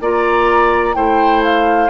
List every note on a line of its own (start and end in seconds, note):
0.00 0.95 A#3
0.00 0.93 F4
0.00 0.96 D5
0.00 0.94 A#5
0.93 1.90 A3
0.93 1.89 E4
0.93 1.90 C5
0.93 1.42 G5
1.43 1.90 F5